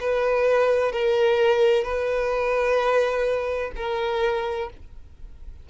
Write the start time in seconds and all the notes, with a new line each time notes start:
0.00 B4
0.92 A#4
1.84 B4
3.76 A#4